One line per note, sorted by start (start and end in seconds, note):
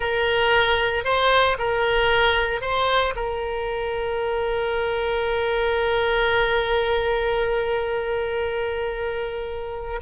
0.00 1.04 A#4
1.04 1.57 C5
1.58 2.61 A#4
2.61 3.13 C5
3.15 10.00 A#4